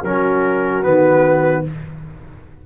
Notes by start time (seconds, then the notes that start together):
0.00 F#3 C#4 F#4 A#4
0.83 D#3 B3 B4